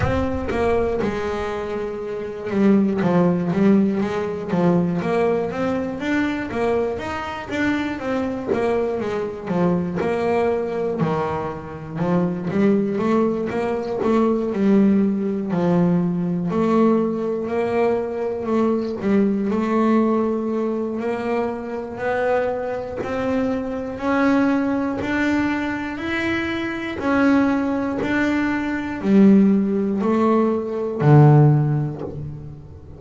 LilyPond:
\new Staff \with { instrumentName = "double bass" } { \time 4/4 \tempo 4 = 60 c'8 ais8 gis4. g8 f8 g8 | gis8 f8 ais8 c'8 d'8 ais8 dis'8 d'8 | c'8 ais8 gis8 f8 ais4 dis4 | f8 g8 a8 ais8 a8 g4 f8~ |
f8 a4 ais4 a8 g8 a8~ | a4 ais4 b4 c'4 | cis'4 d'4 e'4 cis'4 | d'4 g4 a4 d4 | }